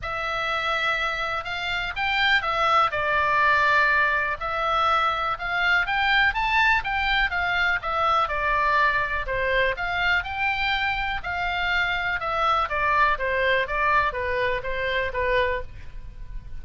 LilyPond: \new Staff \with { instrumentName = "oboe" } { \time 4/4 \tempo 4 = 123 e''2. f''4 | g''4 e''4 d''2~ | d''4 e''2 f''4 | g''4 a''4 g''4 f''4 |
e''4 d''2 c''4 | f''4 g''2 f''4~ | f''4 e''4 d''4 c''4 | d''4 b'4 c''4 b'4 | }